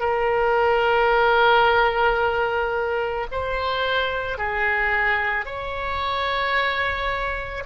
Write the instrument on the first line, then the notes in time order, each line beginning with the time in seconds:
oboe
0.00 A#4
3.32 C5
4.38 G#4
5.45 C#5